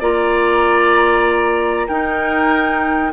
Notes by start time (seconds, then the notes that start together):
0.00 A#3 F4 D5 A#5
1.88 D#4 A#4 G5